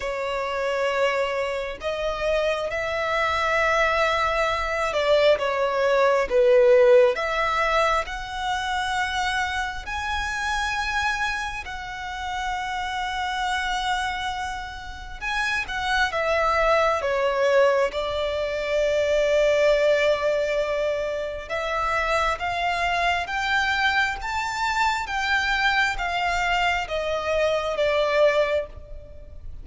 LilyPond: \new Staff \with { instrumentName = "violin" } { \time 4/4 \tempo 4 = 67 cis''2 dis''4 e''4~ | e''4. d''8 cis''4 b'4 | e''4 fis''2 gis''4~ | gis''4 fis''2.~ |
fis''4 gis''8 fis''8 e''4 cis''4 | d''1 | e''4 f''4 g''4 a''4 | g''4 f''4 dis''4 d''4 | }